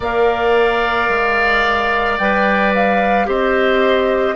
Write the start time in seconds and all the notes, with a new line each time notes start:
0.00 A#3 A#4 D5 F5
1.08 G#3
2.18 G3 B4 G5
2.74 F5
3.26 C4 G4 C5 D#5